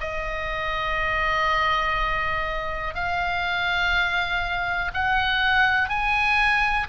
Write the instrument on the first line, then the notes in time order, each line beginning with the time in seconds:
oboe
0.00 D#5
2.94 F5
4.94 F#5
5.89 G#5